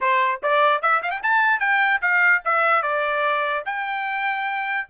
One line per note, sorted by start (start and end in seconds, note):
0.00 0.41 C5
0.42 0.81 D5
0.81 1.02 E5
1.02 1.10 F5
1.10 1.21 G5
1.22 1.59 A5
1.59 2.00 G5
2.01 2.42 F5
2.44 2.82 E5
2.82 3.63 D5
3.65 4.87 G5